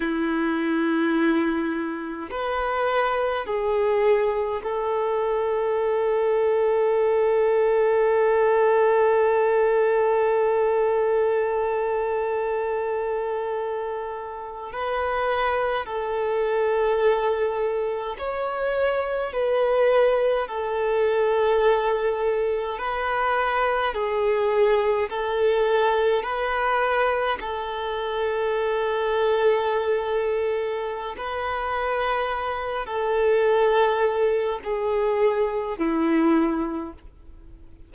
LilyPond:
\new Staff \with { instrumentName = "violin" } { \time 4/4 \tempo 4 = 52 e'2 b'4 gis'4 | a'1~ | a'1~ | a'8. b'4 a'2 cis''16~ |
cis''8. b'4 a'2 b'16~ | b'8. gis'4 a'4 b'4 a'16~ | a'2. b'4~ | b'8 a'4. gis'4 e'4 | }